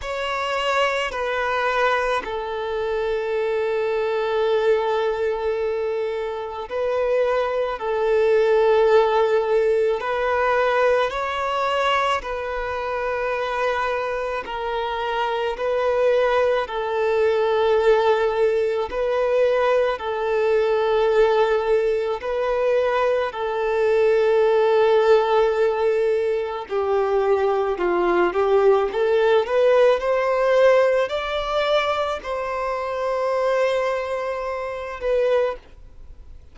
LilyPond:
\new Staff \with { instrumentName = "violin" } { \time 4/4 \tempo 4 = 54 cis''4 b'4 a'2~ | a'2 b'4 a'4~ | a'4 b'4 cis''4 b'4~ | b'4 ais'4 b'4 a'4~ |
a'4 b'4 a'2 | b'4 a'2. | g'4 f'8 g'8 a'8 b'8 c''4 | d''4 c''2~ c''8 b'8 | }